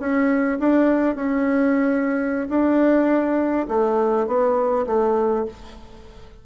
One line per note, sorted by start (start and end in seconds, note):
0.00 0.59 C#4
0.60 1.16 D4
1.16 2.48 C#4
2.50 3.68 D4
3.69 4.28 A3
4.28 4.86 B3
4.87 5.46 A3